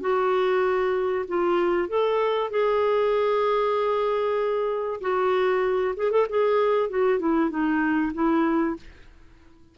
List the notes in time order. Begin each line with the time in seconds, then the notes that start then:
0.00 F#4
1.28 F4
1.88 A4
2.50 G#4
5.01 F#4
5.96 G#4
6.11 A4
6.29 G#4
6.89 F#4
7.19 E4
7.49 D#4
8.14 E4